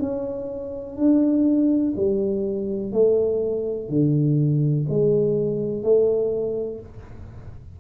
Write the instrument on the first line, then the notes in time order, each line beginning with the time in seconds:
tuba
0.00 C#4
0.96 D4
1.96 G3
2.92 A3
3.89 D3
4.89 G#3
5.83 A3